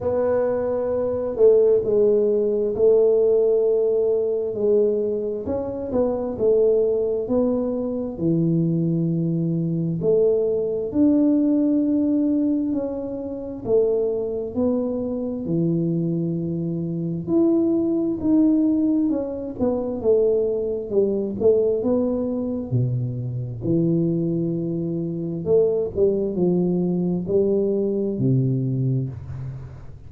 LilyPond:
\new Staff \with { instrumentName = "tuba" } { \time 4/4 \tempo 4 = 66 b4. a8 gis4 a4~ | a4 gis4 cis'8 b8 a4 | b4 e2 a4 | d'2 cis'4 a4 |
b4 e2 e'4 | dis'4 cis'8 b8 a4 g8 a8 | b4 b,4 e2 | a8 g8 f4 g4 c4 | }